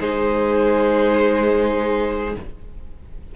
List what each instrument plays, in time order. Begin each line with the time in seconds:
0.00 cello G#3, viola D#4, violin G#4 C5